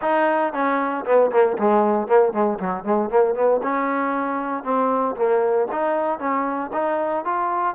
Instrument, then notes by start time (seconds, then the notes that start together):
trombone
0.01 D#4
0.53 C#4
1.05 B3
1.31 A#3
1.58 G#3
2.07 A#3
2.33 G#3
2.59 F#3
2.84 G#3
3.10 A#3
3.35 B3
3.62 C#4
4.63 C4
5.16 A#3
5.71 D#4
6.19 C#4
6.72 D#4
7.24 F4